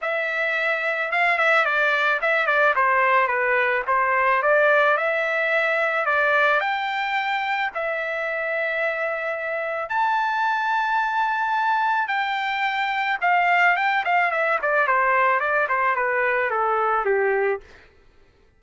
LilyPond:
\new Staff \with { instrumentName = "trumpet" } { \time 4/4 \tempo 4 = 109 e''2 f''8 e''8 d''4 | e''8 d''8 c''4 b'4 c''4 | d''4 e''2 d''4 | g''2 e''2~ |
e''2 a''2~ | a''2 g''2 | f''4 g''8 f''8 e''8 d''8 c''4 | d''8 c''8 b'4 a'4 g'4 | }